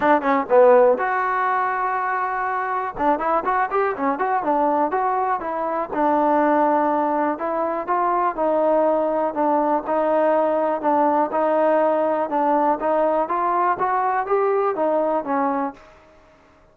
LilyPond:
\new Staff \with { instrumentName = "trombone" } { \time 4/4 \tempo 4 = 122 d'8 cis'8 b4 fis'2~ | fis'2 d'8 e'8 fis'8 g'8 | cis'8 fis'8 d'4 fis'4 e'4 | d'2. e'4 |
f'4 dis'2 d'4 | dis'2 d'4 dis'4~ | dis'4 d'4 dis'4 f'4 | fis'4 g'4 dis'4 cis'4 | }